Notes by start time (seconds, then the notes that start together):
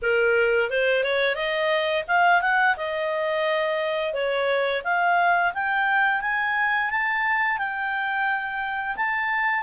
0.02 A#4
0.70 C5
1.03 C#5
1.35 D#5
2.07 F5
2.41 F#5
2.76 D#5
4.13 C#5
4.83 F5
5.53 G5
6.21 G#5
6.90 A5
7.58 G5
8.96 A5